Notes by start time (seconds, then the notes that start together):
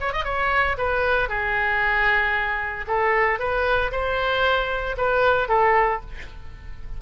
0.00 C#5
0.13 D#5
0.24 C#5
0.78 B4
1.29 G#4
2.87 A4
3.39 B4
3.91 C5
4.97 B4
5.48 A4